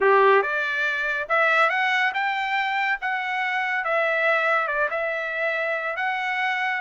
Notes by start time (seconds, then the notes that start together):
0.00 G4
0.42 D5
1.29 E5
1.69 F#5
2.14 G5
3.01 F#5
3.84 E5
4.67 D5
4.90 E5
5.96 F#5